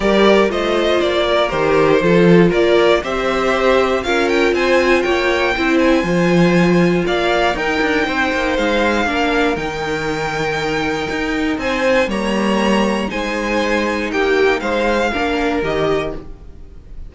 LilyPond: <<
  \new Staff \with { instrumentName = "violin" } { \time 4/4 \tempo 4 = 119 d''4 dis''4 d''4 c''4~ | c''4 d''4 e''2 | f''8 g''8 gis''4 g''4. gis''8~ | gis''2 f''4 g''4~ |
g''4 f''2 g''4~ | g''2. gis''4 | ais''2 gis''2 | g''4 f''2 dis''4 | }
  \new Staff \with { instrumentName = "violin" } { \time 4/4 ais'4 c''4. ais'4. | a'4 ais'4 c''2 | ais'4 c''4 cis''4 c''4~ | c''2 d''4 ais'4 |
c''2 ais'2~ | ais'2. c''4 | cis''2 c''2 | g'4 c''4 ais'2 | }
  \new Staff \with { instrumentName = "viola" } { \time 4/4 g'4 f'2 g'4 | f'2 g'2 | f'2. e'4 | f'2. dis'4~ |
dis'2 d'4 dis'4~ | dis'1 | ais2 dis'2~ | dis'2 d'4 g'4 | }
  \new Staff \with { instrumentName = "cello" } { \time 4/4 g4 a4 ais4 dis4 | f4 ais4 c'2 | cis'4 c'4 ais4 c'4 | f2 ais4 dis'8 d'8 |
c'8 ais8 gis4 ais4 dis4~ | dis2 dis'4 c'4 | g2 gis2 | ais4 gis4 ais4 dis4 | }
>>